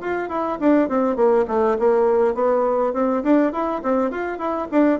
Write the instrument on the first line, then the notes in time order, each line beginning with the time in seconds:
bassoon
0.00 F4
0.29 E4
0.60 D4
0.89 C4
1.16 A#3
1.47 A3
1.78 A#3
2.34 B3
2.93 C4
3.23 D4
3.52 E4
3.82 C4
4.11 F4
4.38 E4
4.71 D4